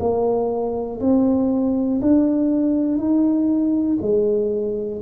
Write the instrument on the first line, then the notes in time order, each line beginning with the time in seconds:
tuba
0.00 A#3
1.00 C4
2.01 D4
2.98 D#4
4.02 G#3